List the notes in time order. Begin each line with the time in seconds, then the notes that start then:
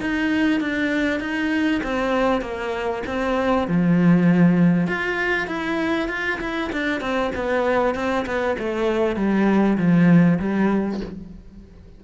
0.00 D#4
0.60 D4
1.20 D#4
1.83 C4
2.41 A#3
3.06 C4
3.67 F3
4.87 F4
5.47 E4
6.08 F4
6.40 E4
6.72 D4
7.00 C4
7.35 B3
7.95 C4
8.25 B3
8.58 A3
9.16 G3
9.77 F3
10.39 G3